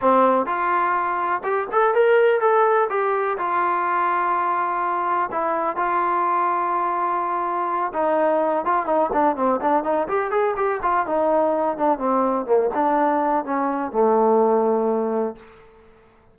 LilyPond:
\new Staff \with { instrumentName = "trombone" } { \time 4/4 \tempo 4 = 125 c'4 f'2 g'8 a'8 | ais'4 a'4 g'4 f'4~ | f'2. e'4 | f'1~ |
f'8 dis'4. f'8 dis'8 d'8 c'8 | d'8 dis'8 g'8 gis'8 g'8 f'8 dis'4~ | dis'8 d'8 c'4 ais8 d'4. | cis'4 a2. | }